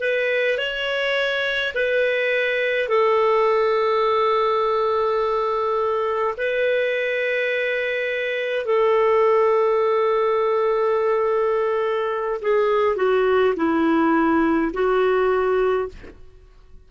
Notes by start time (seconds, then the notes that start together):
0.00 B4
0.58 C#5
1.75 B4
2.88 A4
6.37 B4
8.65 A4
12.41 G#4
12.97 F#4
13.56 E4
14.73 F#4